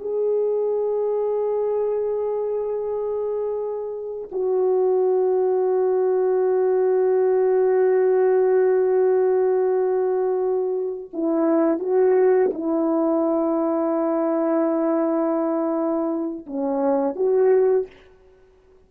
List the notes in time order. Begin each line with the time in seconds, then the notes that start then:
0.00 G#4
4.31 F#4
11.13 E4
11.79 F#4
12.54 E4
16.47 C#4
17.16 F#4